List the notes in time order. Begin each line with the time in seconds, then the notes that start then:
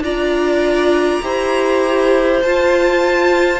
0.00 D4 F4 D5 A#5
1.22 E4 G4 C5
2.43 F4 A5